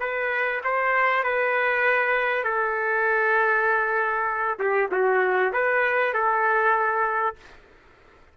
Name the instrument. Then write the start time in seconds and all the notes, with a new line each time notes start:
trumpet
0.00 B4
0.64 C5
1.24 B4
2.44 A4
4.59 G4
4.92 F#4
5.53 B4
6.14 A4